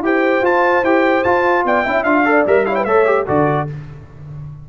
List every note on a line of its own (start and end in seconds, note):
0.00 0.41 E4
0.00 0.43 G4
0.00 1.66 C5
0.00 0.45 G5
0.42 0.82 F4
0.42 0.83 F4
0.42 0.84 A5
0.82 1.23 E4
0.82 1.25 G4
0.82 1.23 G5
1.23 1.65 F4
1.23 1.85 F4
1.23 1.64 A5
1.65 1.85 B3
1.65 1.83 D5
1.65 2.03 G5
1.83 2.04 C#4
1.83 2.05 E4
1.83 2.24 E5
2.03 2.44 D4
2.03 2.25 F4
2.03 2.44 F5
2.25 2.45 A4
2.25 2.66 D5
2.46 2.85 G3
2.46 2.66 A#4
2.46 2.65 E5
2.65 2.86 E4
2.65 2.78 C#5
2.65 2.75 F5
2.75 2.86 B4
2.75 2.84 G5
2.84 3.26 A3
2.84 3.06 A4
2.84 3.25 C#5
2.84 3.25 E5
3.06 3.26 G4
3.25 3.69 D3
3.25 3.67 F#4
3.25 3.66 A4
3.25 3.68 D5